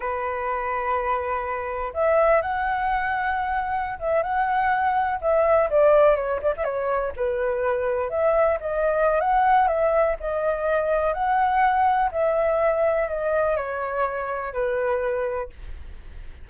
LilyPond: \new Staff \with { instrumentName = "flute" } { \time 4/4 \tempo 4 = 124 b'1 | e''4 fis''2.~ | fis''16 e''8 fis''2 e''4 d''16~ | d''8. cis''8 d''16 e''16 cis''4 b'4~ b'16~ |
b'8. e''4 dis''4~ dis''16 fis''4 | e''4 dis''2 fis''4~ | fis''4 e''2 dis''4 | cis''2 b'2 | }